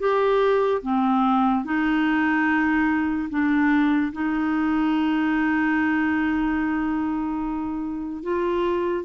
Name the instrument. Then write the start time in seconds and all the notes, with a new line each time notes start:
clarinet
0.00 G4
0.83 C4
1.65 D#4
3.30 D4
4.13 D#4
8.23 F4